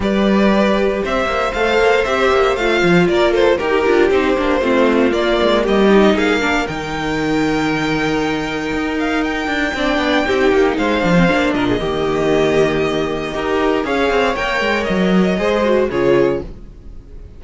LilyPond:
<<
  \new Staff \with { instrumentName = "violin" } { \time 4/4 \tempo 4 = 117 d''2 e''4 f''4 | e''4 f''4 d''8 c''8 ais'4 | c''2 d''4 dis''4 | f''4 g''2.~ |
g''4. f''8 g''2~ | g''4 f''4. dis''4.~ | dis''2. f''4 | g''4 dis''2 cis''4 | }
  \new Staff \with { instrumentName = "violin" } { \time 4/4 b'2 c''2~ | c''2 ais'8 a'8 g'4~ | g'4 f'2 g'4 | gis'8 ais'2.~ ais'8~ |
ais'2. d''4 | g'4 c''4. ais'16 gis'16 g'4~ | g'2 ais'4 cis''4~ | cis''2 c''4 gis'4 | }
  \new Staff \with { instrumentName = "viola" } { \time 4/4 g'2. a'4 | g'4 f'2 g'8 f'8 | dis'8 d'8 c'4 ais4. dis'8~ | dis'8 d'8 dis'2.~ |
dis'2. d'4 | dis'4. d'16 c'16 d'4 ais4~ | ais2 g'4 gis'4 | ais'2 gis'8 fis'8 f'4 | }
  \new Staff \with { instrumentName = "cello" } { \time 4/4 g2 c'8 ais8 a8 ais8 | c'8 ais8 a8 f8 ais4 dis'8 d'8 | c'8 ais8 a4 ais8 gis8 g4 | ais4 dis2.~ |
dis4 dis'4. d'8 c'8 b8 | c'8 ais8 gis8 f8 ais8 ais,8 dis4~ | dis2 dis'4 cis'8 c'8 | ais8 gis8 fis4 gis4 cis4 | }
>>